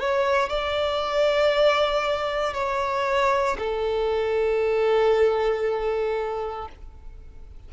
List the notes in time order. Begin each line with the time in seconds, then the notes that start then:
0.00 C#5
0.49 D5
2.54 C#5
3.58 A4